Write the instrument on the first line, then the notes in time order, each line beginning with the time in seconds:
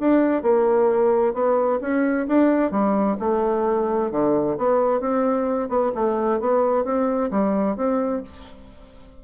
bassoon
0.00 D4
0.42 A#3
1.34 B3
1.81 C#4
2.27 D4
2.71 G3
3.19 A3
4.11 D3
4.57 B3
5.00 C4
5.69 B3
5.95 A3
6.40 B3
6.85 C4
7.31 G3
7.76 C4